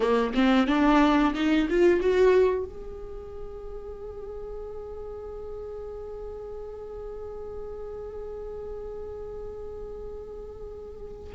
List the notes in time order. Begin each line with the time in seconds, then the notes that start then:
0.00 A#3
0.34 C4
0.67 D4
1.34 D#4
1.69 F4
2.00 F#4
2.65 G#4